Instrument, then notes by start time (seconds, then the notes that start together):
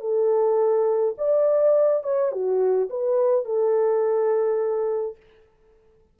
horn
0.00 A4
1.17 D5
2.03 C#5
2.31 F#4
2.90 B4
3.45 A4